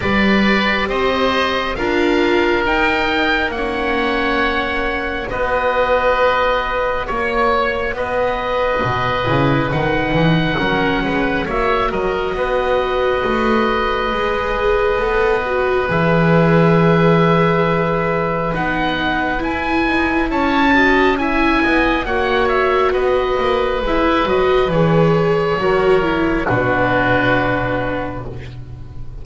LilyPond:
<<
  \new Staff \with { instrumentName = "oboe" } { \time 4/4 \tempo 4 = 68 d''4 dis''4 f''4 g''4 | fis''2 dis''2 | cis''4 dis''2 fis''4~ | fis''4 e''8 dis''2~ dis''8~ |
dis''2 e''2~ | e''4 fis''4 gis''4 a''4 | gis''4 fis''8 e''8 dis''4 e''8 dis''8 | cis''2 b'2 | }
  \new Staff \with { instrumentName = "oboe" } { \time 4/4 b'4 c''4 ais'2 | cis''2 b'2 | cis''4 b'2. | ais'8 b'8 cis''8 ais'8 b'2~ |
b'1~ | b'2. cis''8 dis''8 | e''8 dis''8 cis''4 b'2~ | b'4 ais'4 fis'2 | }
  \new Staff \with { instrumentName = "viola" } { \time 4/4 g'2 f'4 dis'4 | cis'2 fis'2~ | fis'2~ fis'8 e'8 dis'4 | cis'4 fis'2. |
gis'4 a'8 fis'8 gis'2~ | gis'4 dis'4 e'4. fis'8 | e'4 fis'2 e'8 fis'8 | gis'4 fis'8 e'8 d'2 | }
  \new Staff \with { instrumentName = "double bass" } { \time 4/4 g4 c'4 d'4 dis'4 | ais2 b2 | ais4 b4 b,8 cis8 dis8 e8 | fis8 gis8 ais8 fis8 b4 a4 |
gis4 b4 e2~ | e4 b4 e'8 dis'8 cis'4~ | cis'8 b8 ais4 b8 ais8 gis8 fis8 | e4 fis4 b,2 | }
>>